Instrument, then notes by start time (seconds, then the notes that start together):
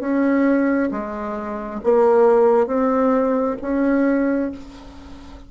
bassoon
0.00 C#4
0.92 G#3
1.84 A#3
2.67 C4
3.61 C#4